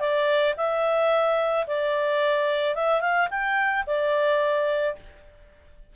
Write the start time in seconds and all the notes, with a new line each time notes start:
0.00 D5
0.58 E5
1.67 D5
2.75 E5
3.01 F5
3.30 G5
3.87 D5